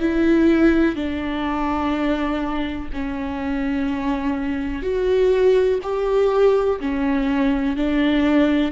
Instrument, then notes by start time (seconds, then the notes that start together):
viola
0.00 E4
0.96 D4
2.93 C#4
4.83 F#4
5.83 G4
6.80 C#4
7.76 D4